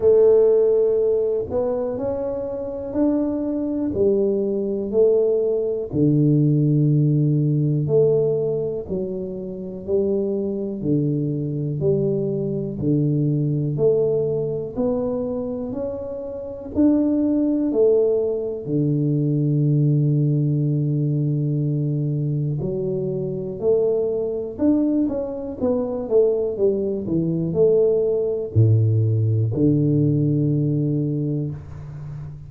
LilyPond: \new Staff \with { instrumentName = "tuba" } { \time 4/4 \tempo 4 = 61 a4. b8 cis'4 d'4 | g4 a4 d2 | a4 fis4 g4 d4 | g4 d4 a4 b4 |
cis'4 d'4 a4 d4~ | d2. fis4 | a4 d'8 cis'8 b8 a8 g8 e8 | a4 a,4 d2 | }